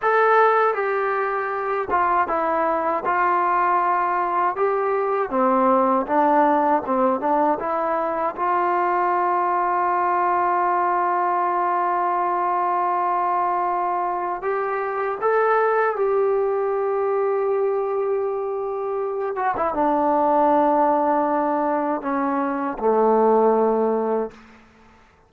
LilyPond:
\new Staff \with { instrumentName = "trombone" } { \time 4/4 \tempo 4 = 79 a'4 g'4. f'8 e'4 | f'2 g'4 c'4 | d'4 c'8 d'8 e'4 f'4~ | f'1~ |
f'2. g'4 | a'4 g'2.~ | g'4. fis'16 e'16 d'2~ | d'4 cis'4 a2 | }